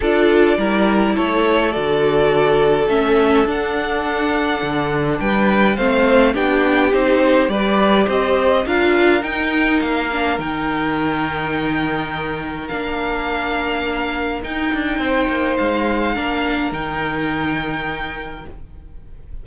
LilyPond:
<<
  \new Staff \with { instrumentName = "violin" } { \time 4/4 \tempo 4 = 104 d''2 cis''4 d''4~ | d''4 e''4 fis''2~ | fis''4 g''4 f''4 g''4 | c''4 d''4 dis''4 f''4 |
g''4 f''4 g''2~ | g''2 f''2~ | f''4 g''2 f''4~ | f''4 g''2. | }
  \new Staff \with { instrumentName = "violin" } { \time 4/4 a'4 ais'4 a'2~ | a'1~ | a'4 b'4 c''4 g'4~ | g'4 b'4 c''4 ais'4~ |
ais'1~ | ais'1~ | ais'2 c''2 | ais'1 | }
  \new Staff \with { instrumentName = "viola" } { \time 4/4 f'4 e'2 fis'4~ | fis'4 cis'4 d'2~ | d'2 c'4 d'4 | dis'4 g'2 f'4 |
dis'4. d'8 dis'2~ | dis'2 d'2~ | d'4 dis'2. | d'4 dis'2. | }
  \new Staff \with { instrumentName = "cello" } { \time 4/4 d'4 g4 a4 d4~ | d4 a4 d'2 | d4 g4 a4 b4 | c'4 g4 c'4 d'4 |
dis'4 ais4 dis2~ | dis2 ais2~ | ais4 dis'8 d'8 c'8 ais8 gis4 | ais4 dis2. | }
>>